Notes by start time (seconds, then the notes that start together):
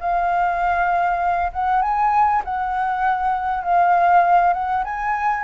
0.00 F5
1.52 F#5
1.82 G#5
2.44 F#5
3.63 F5
4.53 F#5
4.84 G#5